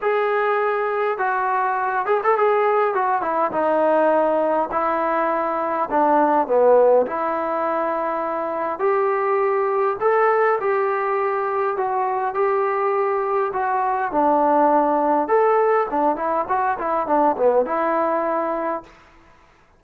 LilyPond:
\new Staff \with { instrumentName = "trombone" } { \time 4/4 \tempo 4 = 102 gis'2 fis'4. gis'16 a'16 | gis'4 fis'8 e'8 dis'2 | e'2 d'4 b4 | e'2. g'4~ |
g'4 a'4 g'2 | fis'4 g'2 fis'4 | d'2 a'4 d'8 e'8 | fis'8 e'8 d'8 b8 e'2 | }